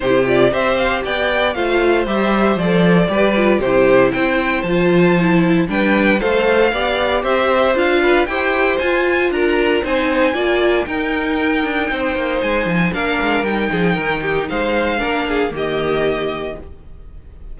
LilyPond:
<<
  \new Staff \with { instrumentName = "violin" } { \time 4/4 \tempo 4 = 116 c''8 d''8 e''8 f''8 g''4 f''4 | e''4 d''2 c''4 | g''4 a''2 g''4 | f''2 e''4 f''4 |
g''4 gis''4 ais''4 gis''4~ | gis''4 g''2. | gis''4 f''4 g''2 | f''2 dis''2 | }
  \new Staff \with { instrumentName = "violin" } { \time 4/4 g'4 c''4 d''4 c''4~ | c''2 b'4 g'4 | c''2. b'4 | c''4 d''4 c''4. b'8 |
c''2 ais'4 c''4 | d''4 ais'2 c''4~ | c''4 ais'4. gis'8 ais'8 g'8 | c''4 ais'8 gis'8 g'2 | }
  \new Staff \with { instrumentName = "viola" } { \time 4/4 e'8 f'8 g'2 f'4 | g'4 a'4 g'8 f'8 e'4~ | e'4 f'4 e'4 d'4 | a'4 g'2 f'4 |
g'4 f'2 dis'4 | f'4 dis'2.~ | dis'4 d'4 dis'2~ | dis'4 d'4 ais2 | }
  \new Staff \with { instrumentName = "cello" } { \time 4/4 c4 c'4 b4 a4 | g4 f4 g4 c4 | c'4 f2 g4 | a4 b4 c'4 d'4 |
e'4 f'4 d'4 c'4 | ais4 dis'4. d'8 c'8 ais8 | gis8 f8 ais8 gis8 g8 f8 dis4 | gis4 ais4 dis2 | }
>>